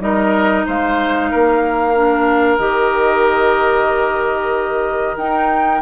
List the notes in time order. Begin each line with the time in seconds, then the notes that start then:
0.00 G3 D#4 A#4 D#5
0.66 G#3 C5 F5
1.31 A#3 A#4
1.95 D4
2.58 D#3 G4 D#5
5.17 D#4 G5